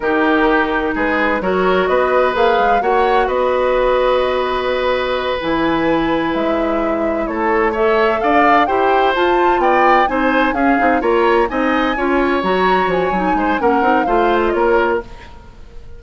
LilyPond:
<<
  \new Staff \with { instrumentName = "flute" } { \time 4/4 \tempo 4 = 128 ais'2 b'4 cis''4 | dis''4 f''4 fis''4 dis''4~ | dis''2.~ dis''8 gis''8~ | gis''4. e''2 cis''8~ |
cis''8 e''4 f''4 g''4 a''8~ | a''8 g''4 gis''4 f''4 ais''8~ | ais''8 gis''2 ais''4 gis''8~ | gis''4 fis''4 f''8. dis''16 cis''4 | }
  \new Staff \with { instrumentName = "oboe" } { \time 4/4 g'2 gis'4 ais'4 | b'2 cis''4 b'4~ | b'1~ | b'2.~ b'8 a'8~ |
a'8 cis''4 d''4 c''4.~ | c''8 d''4 c''4 gis'4 cis''8~ | cis''8 dis''4 cis''2~ cis''8~ | cis''8 c''8 ais'4 c''4 ais'4 | }
  \new Staff \with { instrumentName = "clarinet" } { \time 4/4 dis'2. fis'4~ | fis'4 gis'4 fis'2~ | fis'2.~ fis'8 e'8~ | e'1~ |
e'8 a'2 g'4 f'8~ | f'4. dis'4 cis'8 dis'8 f'8~ | f'8 dis'4 f'4 fis'4. | dis'4 cis'8 dis'8 f'2 | }
  \new Staff \with { instrumentName = "bassoon" } { \time 4/4 dis2 gis4 fis4 | b4 ais8 gis8 ais4 b4~ | b2.~ b8 e8~ | e4. gis2 a8~ |
a4. d'4 e'4 f'8~ | f'8 b4 c'4 cis'8 c'8 ais8~ | ais8 c'4 cis'4 fis4 f8 | fis8 gis8 ais8 c'8 a4 ais4 | }
>>